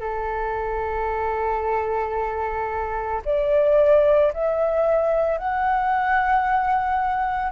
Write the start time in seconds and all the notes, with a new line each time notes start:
0.00 A4
3.25 D5
4.33 E5
5.38 F#5